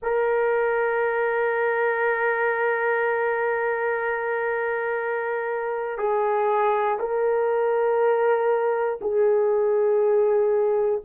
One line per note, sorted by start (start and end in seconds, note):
0.02 5.98 A#4
5.98 6.98 G#4
6.99 8.99 A#4
9.01 11.01 G#4